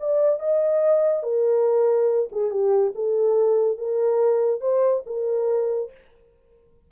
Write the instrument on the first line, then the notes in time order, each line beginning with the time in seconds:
horn
0.00 D5
0.39 D#5
1.23 A#4
2.32 G#4
2.51 G4
2.95 A4
3.78 A#4
4.61 C5
5.06 A#4